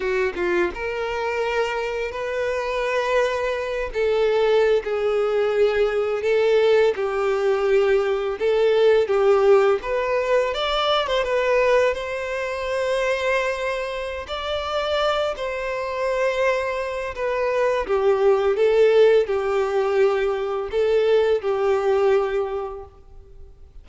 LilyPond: \new Staff \with { instrumentName = "violin" } { \time 4/4 \tempo 4 = 84 fis'8 f'8 ais'2 b'4~ | b'4. a'4~ a'16 gis'4~ gis'16~ | gis'8. a'4 g'2 a'16~ | a'8. g'4 b'4 d''8. c''16 b'16~ |
b'8. c''2.~ c''16 | d''4. c''2~ c''8 | b'4 g'4 a'4 g'4~ | g'4 a'4 g'2 | }